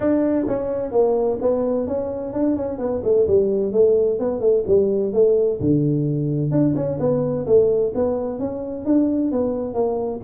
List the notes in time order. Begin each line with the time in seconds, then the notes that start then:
0.00 D4
0.47 C#4
0.91 A#3
1.41 B3
1.87 C#4
2.33 D4
2.56 C#4
2.78 B3
3.03 A3
3.27 G3
3.72 A3
4.19 B3
4.40 A3
4.67 G3
5.13 A3
5.60 D3
6.51 D4
6.75 C#4
6.99 B3
7.46 A3
7.95 B3
8.39 C#4
8.85 D4
9.31 B3
9.74 A#3